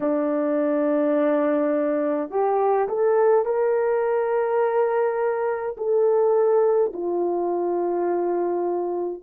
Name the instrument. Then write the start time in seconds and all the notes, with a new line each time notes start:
horn
0.00 D4
2.30 G4
2.88 A4
3.45 A#4
5.77 A4
6.93 F4